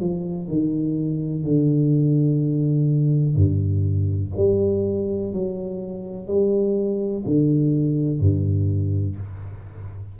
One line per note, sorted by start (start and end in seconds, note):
0.00 0.48 F3
0.48 1.44 D#3
1.44 3.35 D3
3.35 4.32 G2
4.36 5.33 G3
5.33 6.27 F#3
6.27 7.24 G3
7.25 8.20 D3
8.20 9.17 G2